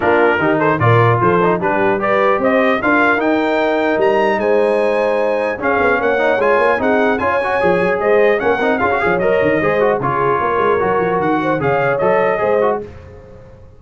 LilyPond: <<
  \new Staff \with { instrumentName = "trumpet" } { \time 4/4 \tempo 4 = 150 ais'4. c''8 d''4 c''4 | b'4 d''4 dis''4 f''4 | g''2 ais''4 gis''4~ | gis''2 f''4 fis''4 |
gis''4 fis''4 gis''2 | dis''4 fis''4 f''4 dis''4~ | dis''4 cis''2. | fis''4 f''4 dis''2 | }
  \new Staff \with { instrumentName = "horn" } { \time 4/4 f'4 g'8 a'8 ais'4 a'4 | g'4 b'4 c''4 ais'4~ | ais'2. c''4~ | c''2 gis'4 cis''4~ |
cis''4 gis'4 cis''2 | c''4 ais'4 gis'8 cis''4. | c''4 gis'4 ais'2~ | ais'8 c''8 cis''2 c''4 | }
  \new Staff \with { instrumentName = "trombone" } { \time 4/4 d'4 dis'4 f'4. dis'8 | d'4 g'2 f'4 | dis'1~ | dis'2 cis'4. dis'8 |
f'4 dis'4 f'8 fis'8 gis'4~ | gis'4 cis'8 dis'8 f'16 fis'16 gis'8 ais'4 | gis'8 fis'8 f'2 fis'4~ | fis'4 gis'4 a'4 gis'8 fis'8 | }
  \new Staff \with { instrumentName = "tuba" } { \time 4/4 ais4 dis4 ais,4 f4 | g2 c'4 d'4 | dis'2 g4 gis4~ | gis2 cis'8 b8 ais4 |
gis8 ais8 c'4 cis'4 f8 fis8 | gis4 ais8 c'8 cis'8 f8 fis8 dis8 | gis4 cis4 ais8 gis8 fis8 f8 | dis4 cis4 fis4 gis4 | }
>>